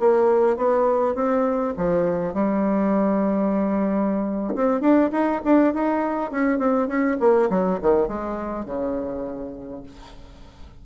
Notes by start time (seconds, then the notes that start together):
0.00 A#3
0.57 B3
1.15 C4
1.77 F3
2.34 G3
4.55 C4
4.81 D4
5.12 D#4
5.44 D4
5.74 D#4
6.31 C#4
6.59 C4
6.88 C#4
7.20 A#3
7.50 F#3
7.82 D#3
8.08 G#3
8.66 C#3